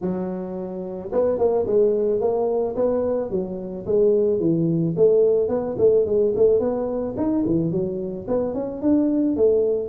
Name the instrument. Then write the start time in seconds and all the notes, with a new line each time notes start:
tuba
0.01 F#3
1.12 B3
1.38 A#3
1.66 G#3
2.20 A#3
2.75 B3
3.30 F#3
3.86 G#3
4.39 E3
4.96 A3
5.48 B3
5.78 A3
6.05 G#3
6.35 A3
6.59 B3
7.16 D#4
7.45 E3
7.71 F#3
8.27 B3
8.54 C#4
8.81 D4
9.36 A3